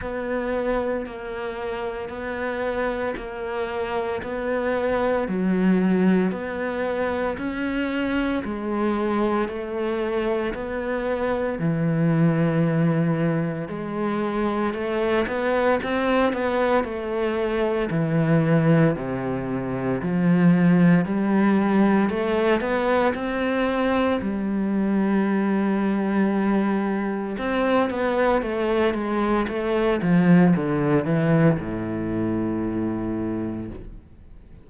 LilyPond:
\new Staff \with { instrumentName = "cello" } { \time 4/4 \tempo 4 = 57 b4 ais4 b4 ais4 | b4 fis4 b4 cis'4 | gis4 a4 b4 e4~ | e4 gis4 a8 b8 c'8 b8 |
a4 e4 c4 f4 | g4 a8 b8 c'4 g4~ | g2 c'8 b8 a8 gis8 | a8 f8 d8 e8 a,2 | }